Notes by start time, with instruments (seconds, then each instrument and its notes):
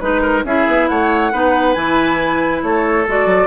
0.00 bassoon G#3, clarinet D#4, flute B4, oboe B4
0.21 oboe A#4
0.44 bassoon C#4, clarinet E4, oboe G#4, flute E5
0.67 bassoon B3
0.88 bassoon A3, oboe C#5, flute F#5
1.32 bassoon B3, clarinet D#4, oboe B4
1.73 bassoon E3, clarinet E4, flute G#5
2.62 bassoon A3, oboe A4, flute C#5
3.07 bassoon G#3, clarinet F#4, flute D5
3.25 bassoon F#3